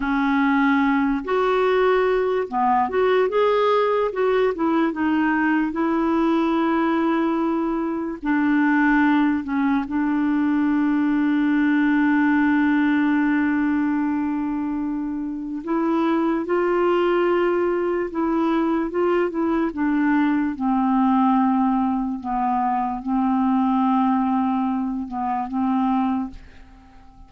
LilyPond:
\new Staff \with { instrumentName = "clarinet" } { \time 4/4 \tempo 4 = 73 cis'4. fis'4. b8 fis'8 | gis'4 fis'8 e'8 dis'4 e'4~ | e'2 d'4. cis'8 | d'1~ |
d'2. e'4 | f'2 e'4 f'8 e'8 | d'4 c'2 b4 | c'2~ c'8 b8 c'4 | }